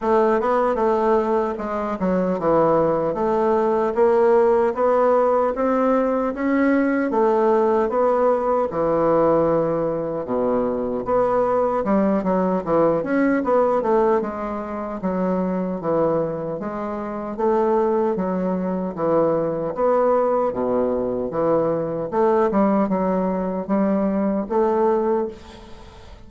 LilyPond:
\new Staff \with { instrumentName = "bassoon" } { \time 4/4 \tempo 4 = 76 a8 b8 a4 gis8 fis8 e4 | a4 ais4 b4 c'4 | cis'4 a4 b4 e4~ | e4 b,4 b4 g8 fis8 |
e8 cis'8 b8 a8 gis4 fis4 | e4 gis4 a4 fis4 | e4 b4 b,4 e4 | a8 g8 fis4 g4 a4 | }